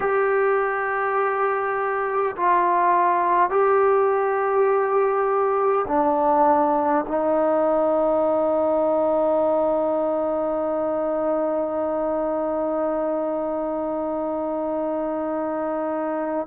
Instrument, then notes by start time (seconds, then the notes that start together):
trombone
0.00 G4
2.36 F4
3.50 G4
5.87 D4
7.07 D#4